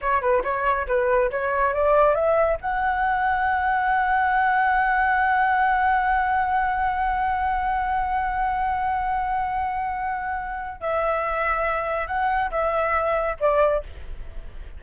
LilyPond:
\new Staff \with { instrumentName = "flute" } { \time 4/4 \tempo 4 = 139 cis''8 b'8 cis''4 b'4 cis''4 | d''4 e''4 fis''2~ | fis''1~ | fis''1~ |
fis''1~ | fis''1~ | fis''4 e''2. | fis''4 e''2 d''4 | }